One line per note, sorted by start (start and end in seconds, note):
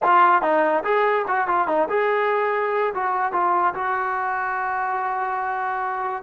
0.02 0.41 F4
0.41 0.83 D#4
0.83 1.25 G#4
1.27 1.47 F#4
1.47 1.67 F4
1.67 1.88 D#4
1.89 2.93 G#4
2.94 3.32 F#4
3.32 3.74 F4
3.74 6.23 F#4